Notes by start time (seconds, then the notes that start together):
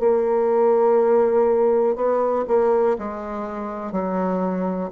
0.00 A#3
1.96 B3
2.48 A#3
2.99 G#3
3.92 F#3